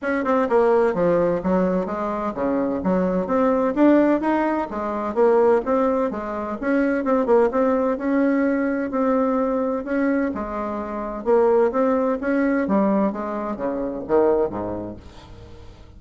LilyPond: \new Staff \with { instrumentName = "bassoon" } { \time 4/4 \tempo 4 = 128 cis'8 c'8 ais4 f4 fis4 | gis4 cis4 fis4 c'4 | d'4 dis'4 gis4 ais4 | c'4 gis4 cis'4 c'8 ais8 |
c'4 cis'2 c'4~ | c'4 cis'4 gis2 | ais4 c'4 cis'4 g4 | gis4 cis4 dis4 gis,4 | }